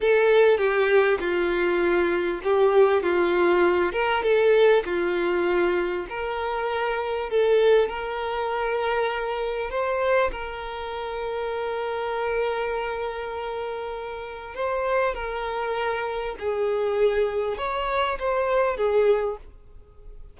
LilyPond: \new Staff \with { instrumentName = "violin" } { \time 4/4 \tempo 4 = 99 a'4 g'4 f'2 | g'4 f'4. ais'8 a'4 | f'2 ais'2 | a'4 ais'2. |
c''4 ais'2.~ | ais'1 | c''4 ais'2 gis'4~ | gis'4 cis''4 c''4 gis'4 | }